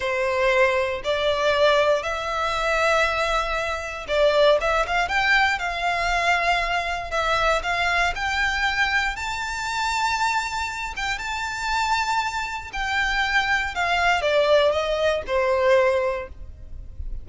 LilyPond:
\new Staff \with { instrumentName = "violin" } { \time 4/4 \tempo 4 = 118 c''2 d''2 | e''1 | d''4 e''8 f''8 g''4 f''4~ | f''2 e''4 f''4 |
g''2 a''2~ | a''4. g''8 a''2~ | a''4 g''2 f''4 | d''4 dis''4 c''2 | }